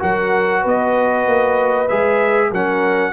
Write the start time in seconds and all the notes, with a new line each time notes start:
0.00 F#3 F#4 A#4 F#5
0.62 B3 B4
0.68 D#5
1.27 A#3
1.89 G#3 G#4 E5
2.50 F#3 C#4 A#4 F#5